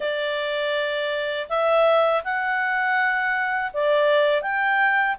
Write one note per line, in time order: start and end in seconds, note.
0.00 1.48 D5
1.49 2.23 E5
2.24 3.72 F#5
3.73 4.41 D5
4.41 5.15 G5